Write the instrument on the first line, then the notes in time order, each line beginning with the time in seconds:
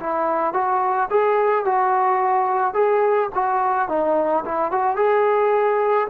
trombone
0.00 E4
0.54 F#4
1.10 G#4
1.65 F#4
2.74 G#4
3.35 F#4
3.89 D#4
4.45 E4
4.71 F#4
4.96 G#4